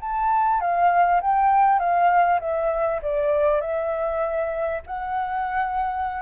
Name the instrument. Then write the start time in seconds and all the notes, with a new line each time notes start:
flute
0.00 A5
0.60 F5
1.21 G5
1.79 F5
2.40 E5
3.02 D5
3.61 E5
4.87 F#5